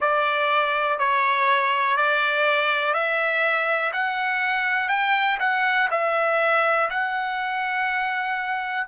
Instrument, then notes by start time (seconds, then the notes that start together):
trumpet
0.00 D5
0.98 C#5
1.96 D5
2.93 E5
3.93 F#5
4.89 G5
5.39 F#5
5.90 E5
6.90 F#5